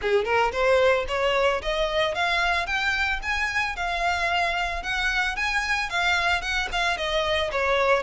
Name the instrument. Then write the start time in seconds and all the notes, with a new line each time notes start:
violin
0.01 G#4
0.24 A#4
0.52 C5
1.07 C#5
1.62 D#5
2.14 F5
2.66 G5
3.22 G#5
3.75 F5
4.82 F#5
5.36 G#5
5.89 F5
6.41 F#5
6.71 F5
6.97 D#5
7.51 C#5